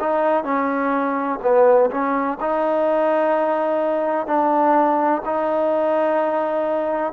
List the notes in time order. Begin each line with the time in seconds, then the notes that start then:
0.00 D#4
0.44 C#4
1.42 B3
1.90 C#4
2.40 D#4
4.26 D4
5.25 D#4